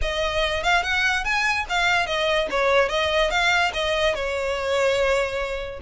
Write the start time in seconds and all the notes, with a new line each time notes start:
0.01 D#5
0.63 F5
0.83 F#5
1.24 G#5
1.69 F5
2.06 D#5
2.50 C#5
2.89 D#5
3.30 F5
3.73 D#5
4.14 C#5